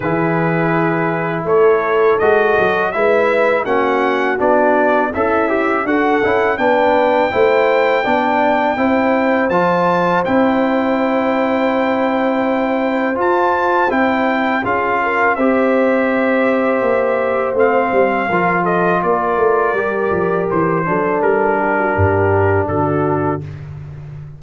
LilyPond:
<<
  \new Staff \with { instrumentName = "trumpet" } { \time 4/4 \tempo 4 = 82 b'2 cis''4 dis''4 | e''4 fis''4 d''4 e''4 | fis''4 g''2.~ | g''4 a''4 g''2~ |
g''2 a''4 g''4 | f''4 e''2. | f''4. dis''8 d''2 | c''4 ais'2 a'4 | }
  \new Staff \with { instrumentName = "horn" } { \time 4/4 gis'2 a'2 | b'4 fis'2 e'4 | a'4 b'4 c''4 d''4 | c''1~ |
c''1 | gis'8 ais'8 c''2.~ | c''4 ais'8 a'8 ais'2~ | ais'8 a'4 g'16 fis'16 g'4 fis'4 | }
  \new Staff \with { instrumentName = "trombone" } { \time 4/4 e'2. fis'4 | e'4 cis'4 d'4 a'8 g'8 | fis'8 e'8 d'4 e'4 d'4 | e'4 f'4 e'2~ |
e'2 f'4 e'4 | f'4 g'2. | c'4 f'2 g'4~ | g'8 d'2.~ d'8 | }
  \new Staff \with { instrumentName = "tuba" } { \time 4/4 e2 a4 gis8 fis8 | gis4 ais4 b4 cis'4 | d'8 cis'8 b4 a4 b4 | c'4 f4 c'2~ |
c'2 f'4 c'4 | cis'4 c'2 ais4 | a8 g8 f4 ais8 a8 g8 f8 | e8 fis8 g4 g,4 d4 | }
>>